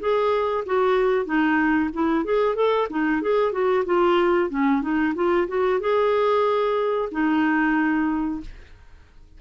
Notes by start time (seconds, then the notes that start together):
0.00 G#4
0.66 F#4
1.26 D#4
1.94 E4
2.25 G#4
2.56 A4
2.90 D#4
3.22 G#4
3.52 F#4
3.86 F4
4.50 C#4
4.82 D#4
5.16 F4
5.48 F#4
5.80 G#4
7.12 D#4